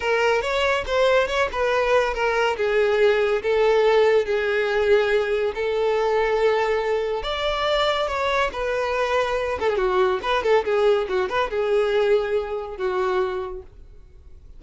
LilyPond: \new Staff \with { instrumentName = "violin" } { \time 4/4 \tempo 4 = 141 ais'4 cis''4 c''4 cis''8 b'8~ | b'4 ais'4 gis'2 | a'2 gis'2~ | gis'4 a'2.~ |
a'4 d''2 cis''4 | b'2~ b'8 a'16 gis'16 fis'4 | b'8 a'8 gis'4 fis'8 b'8 gis'4~ | gis'2 fis'2 | }